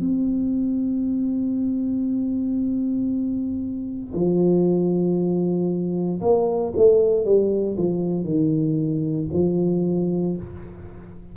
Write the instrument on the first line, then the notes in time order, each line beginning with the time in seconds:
tuba
0.00 C4
4.14 F3
6.21 A#3
6.76 A3
7.24 G3
7.77 F3
8.24 D#3
9.32 F3